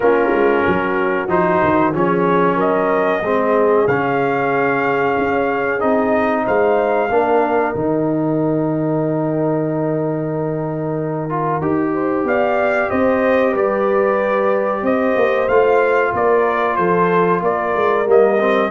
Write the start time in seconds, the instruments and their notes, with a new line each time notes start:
0.00 tuba A#3, trombone C#4, horn F4, trumpet A#4
0.31 tuba G#3
0.66 tuba F#3, horn F#4
1.27 tuba F3, trombone D#4, trumpet C5
1.62 tuba D#3
1.93 tuba F3, trombone C#4, horn G#4, trumpet C#5
2.55 tuba F#3, horn A#4, trumpet D#5
3.22 tuba G#3, trombone C4, horn G#4
3.87 tuba C#3, trombone C#4, trumpet F5
5.17 tuba C#4
5.79 tuba C4, trombone D#4, trumpet D#5
6.44 tuba G#3, horn C5, trumpet F5
7.09 tuba A#3, trombone D4, horn A#4
7.74 tuba D#3, trombone D#4, trumpet G5
11.29 trombone F4
11.61 tuba D#4, trombone G4
11.93 horn C5
12.24 tuba B3, horn D5, trumpet F5
12.90 tuba C4, horn C5, trumpet D#5
13.51 tuba G3, horn B4, trumpet D5
14.82 tuba C4, horn C5, trumpet D#5
15.15 tuba A#3
15.48 tuba A3, trombone F4, trumpet F5
16.13 tuba A#3, horn A#4, trumpet D5
16.76 tuba F3, horn A4, trumpet C5
17.41 tuba A#3, horn A#4, trumpet D5
17.75 tuba G#3
18.06 tuba G3, trombone A#3, trumpet D#5
18.40 trombone C4